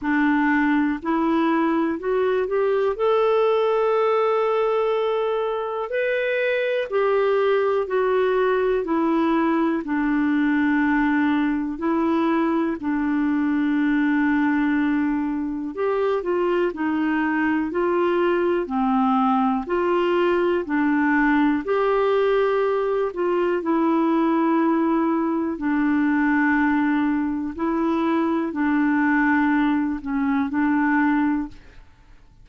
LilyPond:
\new Staff \with { instrumentName = "clarinet" } { \time 4/4 \tempo 4 = 61 d'4 e'4 fis'8 g'8 a'4~ | a'2 b'4 g'4 | fis'4 e'4 d'2 | e'4 d'2. |
g'8 f'8 dis'4 f'4 c'4 | f'4 d'4 g'4. f'8 | e'2 d'2 | e'4 d'4. cis'8 d'4 | }